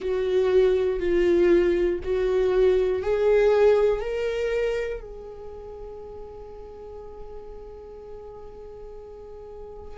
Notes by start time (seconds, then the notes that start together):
0.00 F#4
1.00 F4
2.03 F#4
3.02 G#4
4.00 A#4
5.00 G#4